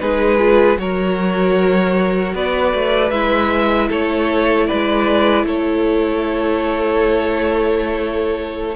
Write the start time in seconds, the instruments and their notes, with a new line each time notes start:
0.00 cello G#3, viola D#4, violin G#4 B4
0.39 viola F4
0.77 cello F#3, viola F#4, violin A#4 C#5
2.34 cello B3, violin B4 D5
2.74 cello A3
3.10 cello G#3, viola E4, violin E5
3.88 cello A3, violin A4 C#5
4.67 cello G#3, violin B4 D5
5.44 cello A3, violin A4 C#5